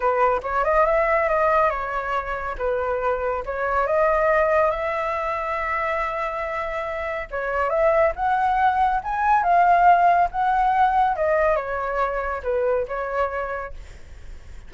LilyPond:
\new Staff \with { instrumentName = "flute" } { \time 4/4 \tempo 4 = 140 b'4 cis''8 dis''8 e''4 dis''4 | cis''2 b'2 | cis''4 dis''2 e''4~ | e''1~ |
e''4 cis''4 e''4 fis''4~ | fis''4 gis''4 f''2 | fis''2 dis''4 cis''4~ | cis''4 b'4 cis''2 | }